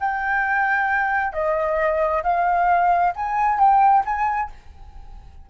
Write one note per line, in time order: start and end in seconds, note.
0.00 1.32 G5
1.32 2.23 D#5
2.23 3.13 F5
3.15 3.59 G#5
3.59 4.04 G5
4.05 4.50 G#5